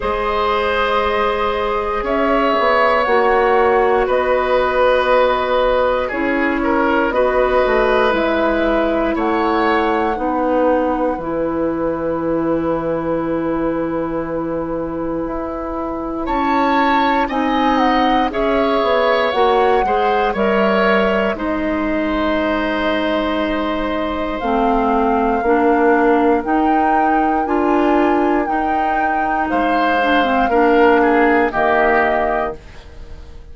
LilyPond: <<
  \new Staff \with { instrumentName = "flute" } { \time 4/4 \tempo 4 = 59 dis''2 e''4 fis''4 | dis''2 cis''4 dis''4 | e''4 fis''2 gis''4~ | gis''1 |
a''4 gis''8 fis''8 e''4 fis''4 | e''4 dis''2. | f''2 g''4 gis''4 | g''4 f''2 dis''4 | }
  \new Staff \with { instrumentName = "oboe" } { \time 4/4 c''2 cis''2 | b'2 gis'8 ais'8 b'4~ | b'4 cis''4 b'2~ | b'1 |
cis''4 dis''4 cis''4. c''8 | cis''4 c''2.~ | c''4 ais'2.~ | ais'4 c''4 ais'8 gis'8 g'4 | }
  \new Staff \with { instrumentName = "clarinet" } { \time 4/4 gis'2. fis'4~ | fis'2 e'4 fis'4 | e'2 dis'4 e'4~ | e'1~ |
e'4 dis'4 gis'4 fis'8 gis'8 | ais'4 dis'2. | c'4 d'4 dis'4 f'4 | dis'4. d'16 c'16 d'4 ais4 | }
  \new Staff \with { instrumentName = "bassoon" } { \time 4/4 gis2 cis'8 b8 ais4 | b2 cis'4 b8 a8 | gis4 a4 b4 e4~ | e2. e'4 |
cis'4 c'4 cis'8 b8 ais8 gis8 | g4 gis2. | a4 ais4 dis'4 d'4 | dis'4 gis4 ais4 dis4 | }
>>